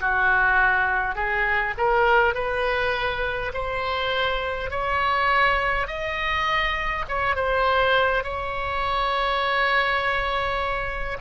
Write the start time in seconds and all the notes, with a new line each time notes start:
0.00 F#4
1.15 G#4
1.78 A#4
2.34 B4
3.53 C5
4.70 C#5
5.87 D#5
7.08 C#5
7.35 C5
8.24 C#5